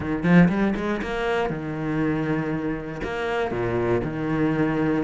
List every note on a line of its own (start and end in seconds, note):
0.00 0.23 D#3
0.23 0.48 F3
0.48 0.73 G3
0.76 1.01 G#3
1.02 1.49 A#3
1.49 3.01 D#3
3.03 3.51 A#3
3.51 4.01 A#2
4.03 5.03 D#3